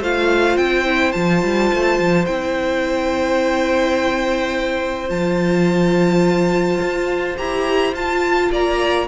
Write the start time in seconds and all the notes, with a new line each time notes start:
0.00 A3 F4 C5 F5
0.57 C4 G5
0.85 E4
1.12 F3 F4 A5
1.43 G3
1.73 A3
1.99 F3
2.26 C4 E4 G5
5.08 F3 F4 A5
6.81 F4
7.37 E4 G4 A#5
7.93 F4 A5
8.52 A#3 D5 A#5